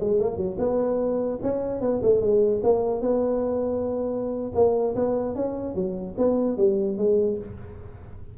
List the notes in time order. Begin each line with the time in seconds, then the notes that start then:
0.00 G#3
0.20 A#3
0.37 F#3
0.58 B3
1.42 C#4
1.81 B3
2.02 A3
2.21 G#3
2.63 A#3
3.01 B3
4.54 A#3
4.95 B3
5.35 C#4
5.75 F#3
6.18 B3
6.57 G3
6.98 G#3